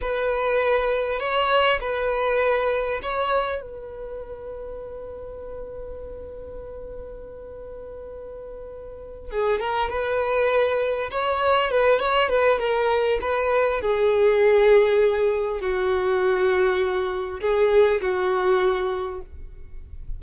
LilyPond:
\new Staff \with { instrumentName = "violin" } { \time 4/4 \tempo 4 = 100 b'2 cis''4 b'4~ | b'4 cis''4 b'2~ | b'1~ | b'2.~ b'8 gis'8 |
ais'8 b'2 cis''4 b'8 | cis''8 b'8 ais'4 b'4 gis'4~ | gis'2 fis'2~ | fis'4 gis'4 fis'2 | }